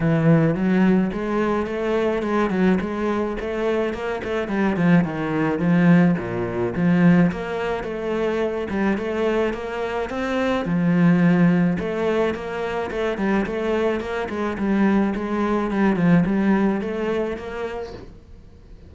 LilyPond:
\new Staff \with { instrumentName = "cello" } { \time 4/4 \tempo 4 = 107 e4 fis4 gis4 a4 | gis8 fis8 gis4 a4 ais8 a8 | g8 f8 dis4 f4 ais,4 | f4 ais4 a4. g8 |
a4 ais4 c'4 f4~ | f4 a4 ais4 a8 g8 | a4 ais8 gis8 g4 gis4 | g8 f8 g4 a4 ais4 | }